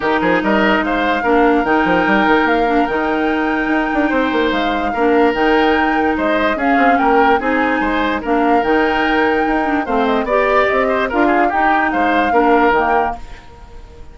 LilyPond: <<
  \new Staff \with { instrumentName = "flute" } { \time 4/4 \tempo 4 = 146 ais'4 dis''4 f''2 | g''2 f''4 g''4~ | g''2. f''4~ | f''4 g''2 dis''4 |
f''4 g''4 gis''2 | f''4 g''2. | f''8 dis''8 d''4 dis''4 f''4 | g''4 f''2 g''4 | }
  \new Staff \with { instrumentName = "oboe" } { \time 4/4 g'8 gis'8 ais'4 c''4 ais'4~ | ais'1~ | ais'2 c''2 | ais'2. c''4 |
gis'4 ais'4 gis'4 c''4 | ais'1 | c''4 d''4. c''8 ais'8 gis'8 | g'4 c''4 ais'2 | }
  \new Staff \with { instrumentName = "clarinet" } { \time 4/4 dis'2. d'4 | dis'2~ dis'8 d'8 dis'4~ | dis'1 | d'4 dis'2. |
cis'2 dis'2 | d'4 dis'2~ dis'8 d'8 | c'4 g'2 f'4 | dis'2 d'4 ais4 | }
  \new Staff \with { instrumentName = "bassoon" } { \time 4/4 dis8 f8 g4 gis4 ais4 | dis8 f8 g8 dis8 ais4 dis4~ | dis4 dis'8 d'8 c'8 ais8 gis4 | ais4 dis2 gis4 |
cis'8 c'8 ais4 c'4 gis4 | ais4 dis2 dis'4 | a4 b4 c'4 d'4 | dis'4 gis4 ais4 dis4 | }
>>